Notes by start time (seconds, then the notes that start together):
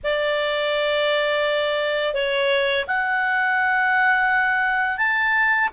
0.03 D5
2.14 C#5
2.87 F#5
4.97 A5